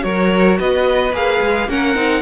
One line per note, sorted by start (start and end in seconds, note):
0.00 0.59 F#3
0.00 1.10 F#4
0.00 0.58 A#4
0.00 0.58 C#5
0.58 1.12 B3
0.58 1.69 B4
0.58 1.14 D#5
1.12 1.40 A#3
1.12 1.69 G#4
1.12 1.70 F5
1.41 1.68 G#3
1.68 1.95 A#3
1.68 1.95 C#4
1.68 2.22 A#4
1.68 2.22 F#5
1.95 2.22 C4
1.95 2.22 D#4